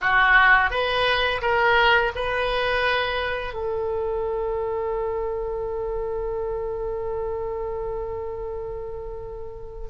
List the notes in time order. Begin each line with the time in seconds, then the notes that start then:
0.01 F#4
0.70 B4
1.41 A#4
2.15 B4
3.53 A4